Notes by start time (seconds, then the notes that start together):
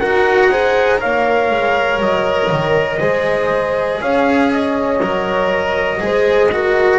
0.00 D#4 F#4 A#4 F#5
0.51 G#4 C5
0.99 A#3 A#4 C#5 F5
1.52 G#3
2.00 F#3 D#5
2.52 D#3
3.00 G#3 G#4 C5
4.02 C#4 C#5 F5
4.53 D#5
5.01 F#3 A#4
6.00 G#3 G#4 C5
6.52 F#4 A#4